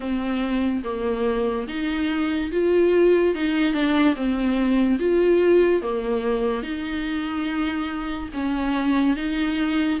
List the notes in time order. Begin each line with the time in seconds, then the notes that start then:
0.00 C4
0.83 A#3
1.67 D#4
2.51 F4
3.34 D#4
3.73 D4
4.15 C4
4.99 F4
5.82 A#3
6.62 D#4
8.33 C#4
9.16 D#4